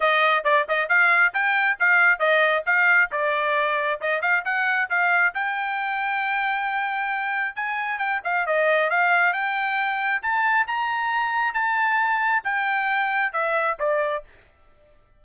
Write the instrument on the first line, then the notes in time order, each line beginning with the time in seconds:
trumpet
0.00 D#5
0.43 D5
0.68 D#5
0.88 F5
1.33 G5
1.79 F5
2.19 D#5
2.66 F5
3.11 D5
4.00 D#5
4.21 F5
4.44 F#5
4.89 F5
5.34 G5
7.55 G#5
7.98 G5
8.24 F5
8.46 D#5
8.90 F5
9.33 G5
10.22 A5
10.67 A#5
11.54 A5
12.44 G5
13.33 E5
13.79 D5